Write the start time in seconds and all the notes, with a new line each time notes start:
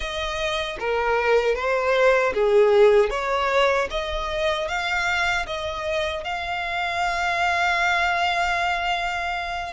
0.00 D#5
0.79 A#4
1.55 C5
2.34 G#4
3.10 C#5
3.90 D#5
4.68 F5
5.46 D#5
6.24 F5